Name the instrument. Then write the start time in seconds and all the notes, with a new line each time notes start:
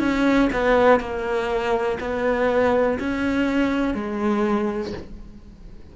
cello
0.00 C#4
0.53 B3
1.01 A#3
2.01 B3
3.00 C#4
3.95 G#3